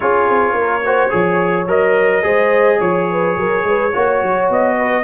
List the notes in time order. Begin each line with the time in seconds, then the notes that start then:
0.00 C#4 F4 G#4 C#5
0.29 C4
0.53 A#3 A#4
0.84 F#4 C5
1.10 F3 G#4 C#5
1.66 F#3 A#4 D#5
2.22 G#3 G#4 C5
2.78 F3 C#5
3.11 B4
3.36 F#3 A#4
3.64 G#3 B4
3.92 A#3 F#4 C#5
4.22 F#3
4.49 B3 D#5
4.76 B4